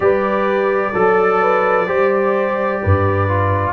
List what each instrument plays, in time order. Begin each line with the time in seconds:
0.00 tuba G3, trombone G4, horn B4, trumpet D5
0.92 tuba F#3, horn A4, trombone A4
1.41 horn B4
1.86 tuba G3, trombone G4, horn C5
2.82 tuba G2, horn B4
3.28 trombone F4